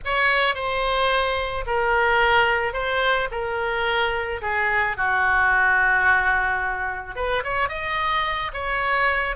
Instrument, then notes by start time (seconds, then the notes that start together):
oboe
0.05 C#5
0.54 C5
1.66 A#4
2.73 C5
3.31 A#4
4.41 G#4
4.96 F#4
7.15 B4
7.43 C#5
7.69 D#5
8.53 C#5